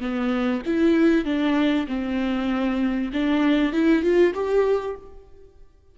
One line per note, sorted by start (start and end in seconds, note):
0.00 0.62 B3
0.66 1.25 E4
1.25 1.86 D4
1.87 3.11 C4
3.13 3.72 D4
3.72 4.02 E4
4.02 4.33 F4
4.34 4.96 G4